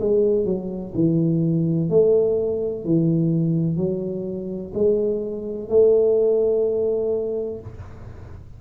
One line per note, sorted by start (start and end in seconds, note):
0.00 0.45 G#3
0.45 0.93 F#3
0.94 1.89 E3
1.90 2.84 A3
2.84 3.77 E3
3.77 4.72 F#3
4.74 5.69 G#3
5.69 7.60 A3